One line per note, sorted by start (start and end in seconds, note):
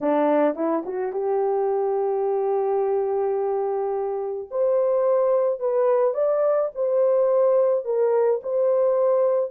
0.00 0.55 D4
0.55 0.83 E4
0.85 1.12 F#4
1.12 4.49 G4
4.50 5.59 C5
5.59 6.14 B4
6.14 6.70 D5
6.74 7.84 C5
7.84 8.40 A#4
8.42 9.50 C5